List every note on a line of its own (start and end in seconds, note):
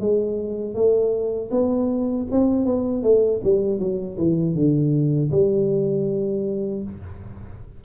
0.00 0.74 G#3
0.74 1.50 A3
1.51 2.27 B3
2.31 2.65 C4
2.65 3.03 B3
3.03 3.41 A3
3.43 3.79 G3
3.79 4.17 F#3
4.17 4.55 E3
4.55 5.31 D3
5.31 6.83 G3